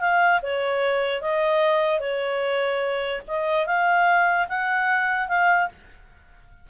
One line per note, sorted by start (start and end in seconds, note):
0.00 0.41 F5
0.42 1.21 C#5
1.21 2.00 D#5
2.00 3.21 C#5
3.27 3.66 D#5
3.66 4.47 F5
4.48 5.28 F#5
5.28 5.68 F5